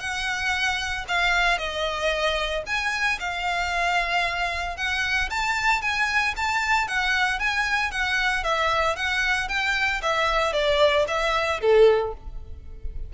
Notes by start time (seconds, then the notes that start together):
0.00 F#5
1.08 F5
1.58 D#5
2.66 G#5
3.20 F5
4.77 F#5
5.30 A5
5.82 G#5
6.36 A5
6.88 F#5
7.39 G#5
7.91 F#5
8.44 E5
8.96 F#5
9.49 G5
10.02 E5
10.53 D5
11.08 E5
11.61 A4